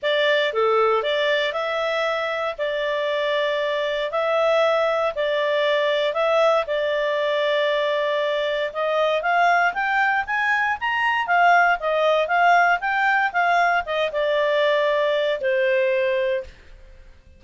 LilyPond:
\new Staff \with { instrumentName = "clarinet" } { \time 4/4 \tempo 4 = 117 d''4 a'4 d''4 e''4~ | e''4 d''2. | e''2 d''2 | e''4 d''2.~ |
d''4 dis''4 f''4 g''4 | gis''4 ais''4 f''4 dis''4 | f''4 g''4 f''4 dis''8 d''8~ | d''2 c''2 | }